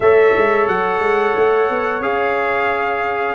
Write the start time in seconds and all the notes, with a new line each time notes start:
0.00 A3 A4 C#5 E5
0.36 G#3
0.67 F#3 F#5
0.99 G#3
1.36 A3
1.69 B3
2.00 C#4 G#4 F5